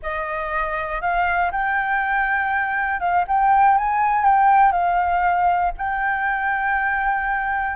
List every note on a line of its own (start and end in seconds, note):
0.02 1.01 D#5
1.01 1.51 F5
1.51 3.00 G5
3.00 3.25 F5
3.27 3.77 G5
3.77 4.25 G#5
4.25 4.72 G5
4.72 5.72 F5
5.77 7.76 G5